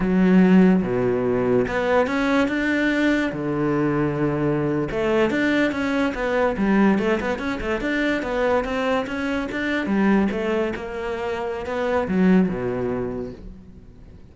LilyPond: \new Staff \with { instrumentName = "cello" } { \time 4/4 \tempo 4 = 144 fis2 b,2 | b4 cis'4 d'2 | d2.~ d8. a16~ | a8. d'4 cis'4 b4 g16~ |
g8. a8 b8 cis'8 a8 d'4 b16~ | b8. c'4 cis'4 d'4 g16~ | g8. a4 ais2~ ais16 | b4 fis4 b,2 | }